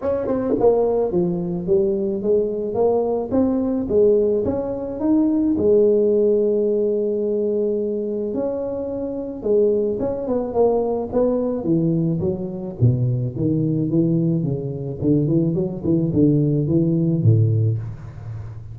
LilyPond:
\new Staff \with { instrumentName = "tuba" } { \time 4/4 \tempo 4 = 108 cis'8 c'8 ais4 f4 g4 | gis4 ais4 c'4 gis4 | cis'4 dis'4 gis2~ | gis2. cis'4~ |
cis'4 gis4 cis'8 b8 ais4 | b4 e4 fis4 b,4 | dis4 e4 cis4 d8 e8 | fis8 e8 d4 e4 a,4 | }